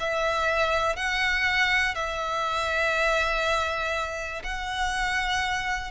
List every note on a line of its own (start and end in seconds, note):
0.00 0.96 E5
0.96 1.95 F#5
1.95 4.43 E5
4.44 5.92 F#5